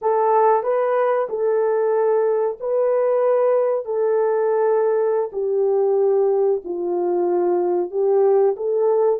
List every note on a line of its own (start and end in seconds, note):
0.01 0.63 A4
0.63 1.27 B4
1.29 2.58 A4
2.60 3.85 B4
3.85 5.30 A4
5.32 6.61 G4
6.64 7.91 F4
7.91 8.55 G4
8.56 9.19 A4